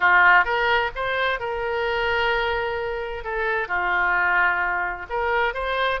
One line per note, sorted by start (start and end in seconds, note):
0.00 0.44 F4
0.44 0.90 A#4
0.95 1.39 C5
1.39 3.24 A#4
3.24 3.68 A4
3.68 5.06 F4
5.09 5.54 A#4
5.54 6.00 C5